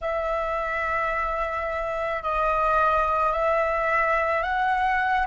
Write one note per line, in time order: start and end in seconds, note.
0.01 2.22 E5
2.22 3.32 D#5
3.32 4.42 E5
4.42 5.26 F#5